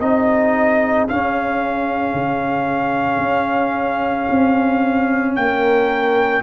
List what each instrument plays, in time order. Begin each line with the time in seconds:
0.00 tuba C4, trombone D#4, horn G#4, trumpet D#5
1.08 trombone C#4, tuba C#4, trumpet F5
2.13 tuba C#3
3.18 tuba C#4
4.30 tuba C4
5.35 tuba A#3, horn A#4, trumpet G5